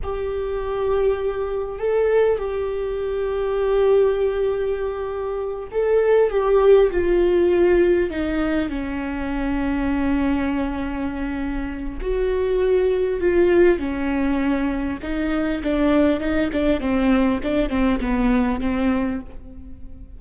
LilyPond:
\new Staff \with { instrumentName = "viola" } { \time 4/4 \tempo 4 = 100 g'2. a'4 | g'1~ | g'4. a'4 g'4 f'8~ | f'4. dis'4 cis'4.~ |
cis'1 | fis'2 f'4 cis'4~ | cis'4 dis'4 d'4 dis'8 d'8 | c'4 d'8 c'8 b4 c'4 | }